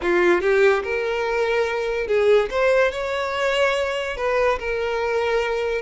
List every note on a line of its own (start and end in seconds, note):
0.02 0.41 F4
0.41 0.82 G4
0.83 2.07 A#4
2.07 2.49 G#4
2.50 2.91 C5
2.91 4.16 C#5
4.17 4.58 B4
4.59 5.81 A#4